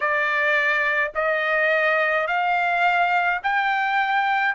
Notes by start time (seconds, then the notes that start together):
0.00 D5
1.14 D#5
2.26 F5
3.43 G5